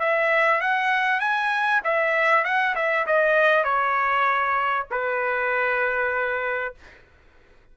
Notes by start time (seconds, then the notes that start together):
0.00 E5
0.61 F#5
1.20 G#5
1.84 E5
2.44 F#5
2.76 E5
3.06 D#5
3.64 C#5
4.91 B4